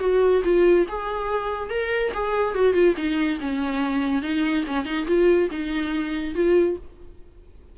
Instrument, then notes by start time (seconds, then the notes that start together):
viola
0.00 F#4
0.44 F4
0.88 G#4
1.70 A#4
2.14 G#4
2.55 F#4
2.73 F4
2.97 D#4
3.40 C#4
4.22 D#4
4.67 C#4
4.85 D#4
5.07 F4
5.51 D#4
6.35 F4